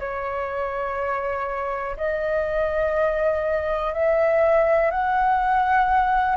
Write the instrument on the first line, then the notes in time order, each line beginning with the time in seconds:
flute
0.00 C#5
1.97 D#5
3.94 E5
4.91 F#5